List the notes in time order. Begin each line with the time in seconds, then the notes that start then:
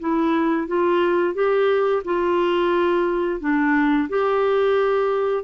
0.00 E4
0.68 F4
1.35 G4
2.05 F4
3.41 D4
4.09 G4